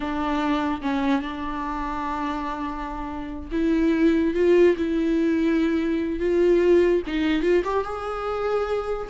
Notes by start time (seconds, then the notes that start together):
0.00 D4
0.81 C#4
1.21 D4
3.51 E4
4.34 F4
4.76 E4
6.19 F4
7.06 D#4
7.42 F4
7.64 G4
7.84 G#4